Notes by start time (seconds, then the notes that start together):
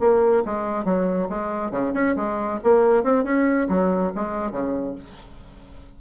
0.00 A#3
0.46 G#3
0.85 F#3
1.30 G#3
1.72 C#3
1.94 C#4
2.16 G#3
2.64 A#3
3.04 C4
3.24 C#4
3.69 F#3
4.16 G#3
4.52 C#3